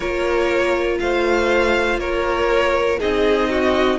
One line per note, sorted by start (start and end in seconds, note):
0.00 0.99 A#3
0.00 2.99 F4
0.00 0.98 A#4
0.00 0.98 C#5
0.99 1.97 A3
0.99 2.00 C5
0.99 1.99 F5
1.97 2.97 A#3
1.97 2.99 A#4
1.97 2.99 C#5
2.99 3.98 C4
2.99 3.98 D#4
2.99 3.49 G#4
2.99 3.98 D#5
3.50 3.98 F#4